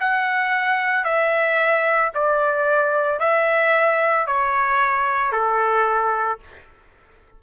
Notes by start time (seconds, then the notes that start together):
0.00 F#5
1.04 E5
2.14 D5
3.19 E5
4.27 C#5
5.32 A4